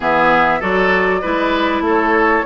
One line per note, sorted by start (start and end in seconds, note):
0.00 0.60 E3
0.00 0.60 B3
0.00 0.59 G#4
0.00 0.61 E5
0.59 1.23 F#3
0.59 1.22 F#4
0.59 1.21 A4
0.59 1.84 D5
1.21 1.80 G#3
1.21 2.45 E4
1.21 1.83 B4
1.80 2.41 A3
1.80 2.45 A4
1.88 2.45 C#5